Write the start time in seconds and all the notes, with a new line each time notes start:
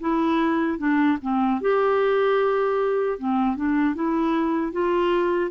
0.00 E4
0.78 D4
1.21 C4
1.61 G4
3.18 C4
3.56 D4
3.95 E4
4.72 F4